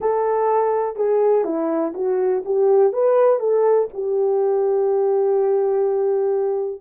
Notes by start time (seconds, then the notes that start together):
0.00 A4
0.95 G#4
1.44 E4
1.94 F#4
2.45 G4
2.92 B4
3.39 A4
3.93 G4